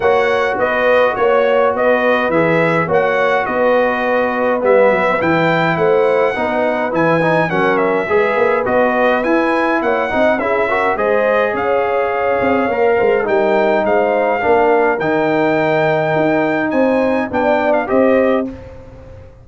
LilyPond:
<<
  \new Staff \with { instrumentName = "trumpet" } { \time 4/4 \tempo 4 = 104 fis''4 dis''4 cis''4 dis''4 | e''4 fis''4 dis''2 | e''4 g''4 fis''2 | gis''4 fis''8 e''4. dis''4 |
gis''4 fis''4 e''4 dis''4 | f''2. g''4 | f''2 g''2~ | g''4 gis''4 g''8. f''16 dis''4 | }
  \new Staff \with { instrumentName = "horn" } { \time 4/4 cis''4 b'4 cis''4 b'4~ | b'4 cis''4 b'2~ | b'2 c''4 b'4~ | b'4 ais'4 b'2~ |
b'4 cis''8 dis''8 gis'8 ais'8 c''4 | cis''2~ cis''8 c''8 ais'4 | c''4 ais'2.~ | ais'4 c''4 d''4 c''4 | }
  \new Staff \with { instrumentName = "trombone" } { \time 4/4 fis'1 | gis'4 fis'2. | b4 e'2 dis'4 | e'8 dis'8 cis'4 gis'4 fis'4 |
e'4. dis'8 e'8 fis'8 gis'4~ | gis'2 ais'4 dis'4~ | dis'4 d'4 dis'2~ | dis'2 d'4 g'4 | }
  \new Staff \with { instrumentName = "tuba" } { \time 4/4 ais4 b4 ais4 b4 | e4 ais4 b2 | g8 fis8 e4 a4 b4 | e4 fis4 gis8 ais8 b4 |
e'4 ais8 c'8 cis'4 gis4 | cis'4. c'8 ais8 gis8 g4 | gis4 ais4 dis2 | dis'4 c'4 b4 c'4 | }
>>